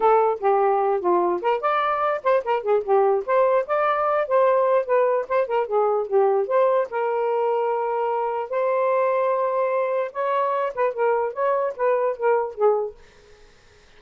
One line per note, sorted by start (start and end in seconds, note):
0.00 0.39 A4
0.39 1.00 G4
1.00 1.41 F4
1.41 1.60 A#4
1.60 2.21 D5
2.23 2.43 C5
2.44 2.62 A#4
2.62 2.83 G#4
2.83 3.24 G4
3.25 3.66 C5
3.67 4.27 D5
4.27 4.85 C5
4.85 5.26 B4
5.28 5.47 C5
5.47 5.66 A#4
5.66 6.07 G#4
6.07 6.47 G4
6.47 6.88 C5
6.90 8.49 A#4
8.49 10.11 C5
10.12 10.73 C#5
10.74 10.93 B4
10.93 11.33 A#4
11.33 11.73 C#5
11.76 12.16 B4
12.16 12.54 A#4
12.54 12.95 G#4